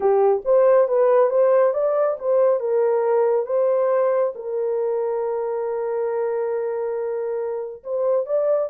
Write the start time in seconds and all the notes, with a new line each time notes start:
0.00 G4
0.45 C5
0.88 B4
1.29 C5
1.73 D5
2.19 C5
2.60 A#4
3.46 C5
4.35 A#4
7.83 C5
8.26 D5